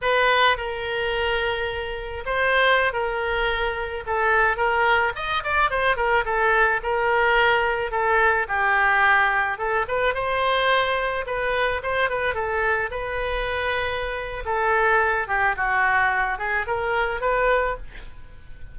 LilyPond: \new Staff \with { instrumentName = "oboe" } { \time 4/4 \tempo 4 = 108 b'4 ais'2. | c''4~ c''16 ais'2 a'8.~ | a'16 ais'4 dis''8 d''8 c''8 ais'8 a'8.~ | a'16 ais'2 a'4 g'8.~ |
g'4~ g'16 a'8 b'8 c''4.~ c''16~ | c''16 b'4 c''8 b'8 a'4 b'8.~ | b'2 a'4. g'8 | fis'4. gis'8 ais'4 b'4 | }